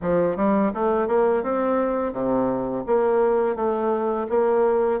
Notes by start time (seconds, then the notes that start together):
0.01 F3
0.36 G3
0.73 A3
1.07 A#3
1.43 C4
2.12 C3
2.86 A#3
3.55 A3
4.29 A#3